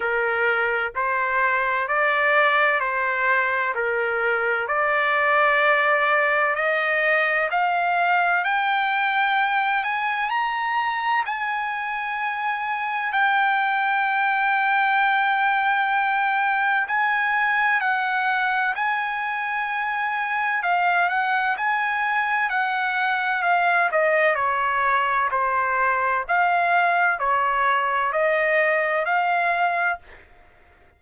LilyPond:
\new Staff \with { instrumentName = "trumpet" } { \time 4/4 \tempo 4 = 64 ais'4 c''4 d''4 c''4 | ais'4 d''2 dis''4 | f''4 g''4. gis''8 ais''4 | gis''2 g''2~ |
g''2 gis''4 fis''4 | gis''2 f''8 fis''8 gis''4 | fis''4 f''8 dis''8 cis''4 c''4 | f''4 cis''4 dis''4 f''4 | }